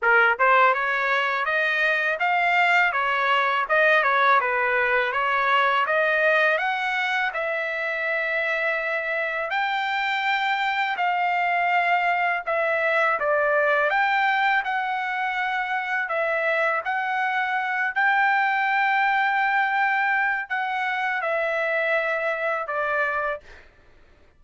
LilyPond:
\new Staff \with { instrumentName = "trumpet" } { \time 4/4 \tempo 4 = 82 ais'8 c''8 cis''4 dis''4 f''4 | cis''4 dis''8 cis''8 b'4 cis''4 | dis''4 fis''4 e''2~ | e''4 g''2 f''4~ |
f''4 e''4 d''4 g''4 | fis''2 e''4 fis''4~ | fis''8 g''2.~ g''8 | fis''4 e''2 d''4 | }